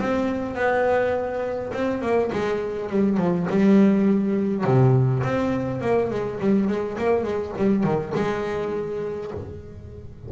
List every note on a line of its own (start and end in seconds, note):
0.00 0.56 C4
0.56 1.72 B3
1.74 2.02 C4
2.02 2.31 A#3
2.33 2.90 G#3
2.90 3.18 G3
3.18 3.47 F3
3.50 4.65 G3
4.65 5.23 C3
5.24 5.82 C4
5.82 6.11 A#3
6.11 6.40 G#3
6.41 6.69 G3
6.69 6.98 G#3
6.98 7.24 A#3
7.24 7.53 G#3
7.58 7.84 G3
7.84 8.13 D#3
8.15 9.32 G#3